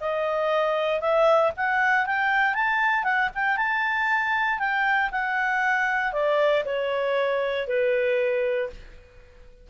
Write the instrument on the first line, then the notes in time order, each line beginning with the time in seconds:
clarinet
0.00 D#5
1.00 E5
1.56 F#5
2.06 G5
2.54 A5
3.03 F#5
3.34 G5
3.57 A5
4.59 G5
5.11 F#5
6.12 D5
6.65 C#5
7.67 B4